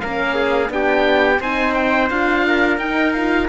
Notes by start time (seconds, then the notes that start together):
0.00 A#3 C#4 A#4 F5
0.35 G#4
0.67 B3 D4 G5
0.74 G4
1.40 C4 D#4 C5 G#5
1.74 G5
2.10 D4 F4 F5
2.47 A#4
2.78 D#4 G5
3.13 F4 F5